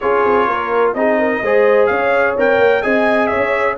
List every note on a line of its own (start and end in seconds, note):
0.00 0.24 C#4
0.00 0.96 F4
0.00 0.47 G#4
0.00 0.92 C#5
0.24 0.47 C4
0.47 0.94 A#3
0.47 0.95 A#4
0.93 1.41 C4
0.93 1.43 D#4
0.93 1.18 G#4
0.93 1.86 D#5
1.18 1.42 A#4
1.42 1.89 G#3
1.42 2.37 G#4
1.42 1.90 C5
1.86 2.37 C#4
1.86 2.83 C#5
1.86 2.33 F5
2.37 2.58 C4
2.37 2.82 A#4
2.37 2.82 G5
2.58 2.82 A#3
2.82 3.31 C4
2.82 3.77 G#4
2.82 3.30 D#5
2.82 3.27 G#5
3.27 3.77 C#5
3.27 3.74 E5
3.35 3.78 C#4